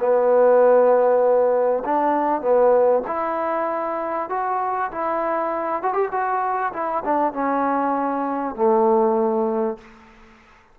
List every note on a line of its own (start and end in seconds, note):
0.00 1.84 B3
1.85 2.41 D4
2.41 3.03 B3
3.07 4.29 E4
4.30 4.91 F#4
4.92 5.83 E4
5.83 5.94 F#4
5.94 6.09 G4
6.11 6.73 F#4
6.73 7.04 E4
7.05 7.33 D4
7.33 8.55 C#4
8.55 9.78 A3